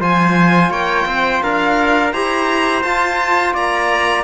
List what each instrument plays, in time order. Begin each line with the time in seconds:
0.00 cello F3, trombone F4, trumpet C5, violin G#5
0.70 cello A#3, trumpet C#5, violin G5
1.06 cello C4, trumpet C5
1.43 cello D4, trumpet A#4, violin F5
2.13 cello E4, trombone G4, trumpet C5, violin A#5
2.82 trombone F4, cello F4, violin A5
3.54 cello A#3, trumpet D5, violin A#5